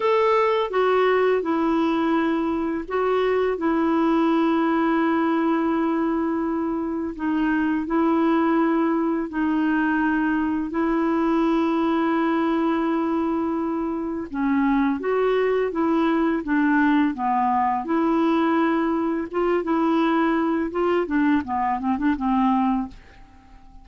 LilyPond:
\new Staff \with { instrumentName = "clarinet" } { \time 4/4 \tempo 4 = 84 a'4 fis'4 e'2 | fis'4 e'2.~ | e'2 dis'4 e'4~ | e'4 dis'2 e'4~ |
e'1 | cis'4 fis'4 e'4 d'4 | b4 e'2 f'8 e'8~ | e'4 f'8 d'8 b8 c'16 d'16 c'4 | }